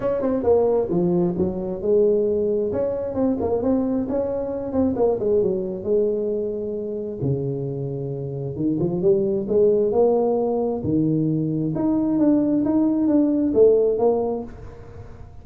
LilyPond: \new Staff \with { instrumentName = "tuba" } { \time 4/4 \tempo 4 = 133 cis'8 c'8 ais4 f4 fis4 | gis2 cis'4 c'8 ais8 | c'4 cis'4. c'8 ais8 gis8 | fis4 gis2. |
cis2. dis8 f8 | g4 gis4 ais2 | dis2 dis'4 d'4 | dis'4 d'4 a4 ais4 | }